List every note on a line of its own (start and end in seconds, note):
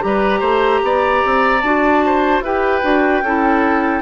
0.00 0.41 G3
0.00 1.60 G4
0.00 1.61 A#5
0.07 0.40 B4
0.40 0.81 A3
0.40 0.80 C5
0.83 1.23 B3
0.83 2.05 D5
1.25 1.62 C4
1.61 2.41 D4
1.61 2.45 F#4
1.61 2.41 A5
2.06 2.44 C5
2.41 2.81 E4
2.41 2.82 G4
2.41 3.24 B4
2.41 4.02 G5
2.82 3.22 D4
2.82 3.22 F#4
3.22 4.02 C#4
3.22 4.02 E4
3.22 4.02 A4